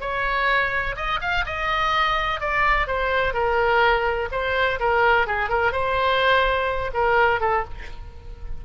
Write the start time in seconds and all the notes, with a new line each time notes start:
0.00 C#5
0.95 D#5
1.21 F5
1.45 D#5
2.40 D5
2.87 C5
3.33 A#4
4.31 C5
4.79 A#4
5.26 G#4
5.49 A#4
5.72 C5
6.94 A#4
7.40 A4